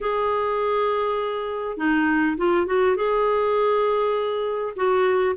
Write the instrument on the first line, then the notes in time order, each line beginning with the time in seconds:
clarinet
0.00 G#4
1.77 D#4
2.37 F4
2.66 F#4
2.95 G#4
4.76 F#4